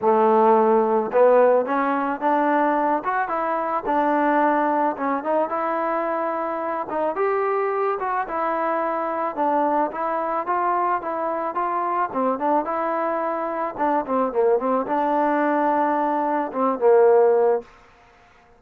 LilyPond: \new Staff \with { instrumentName = "trombone" } { \time 4/4 \tempo 4 = 109 a2 b4 cis'4 | d'4. fis'8 e'4 d'4~ | d'4 cis'8 dis'8 e'2~ | e'8 dis'8 g'4. fis'8 e'4~ |
e'4 d'4 e'4 f'4 | e'4 f'4 c'8 d'8 e'4~ | e'4 d'8 c'8 ais8 c'8 d'4~ | d'2 c'8 ais4. | }